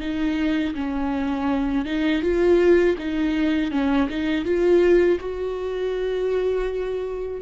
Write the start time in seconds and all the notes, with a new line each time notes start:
0.00 D#4
0.74 C#4
1.85 D#4
2.22 F4
2.98 D#4
3.71 C#4
4.09 D#4
4.45 F4
5.20 F#4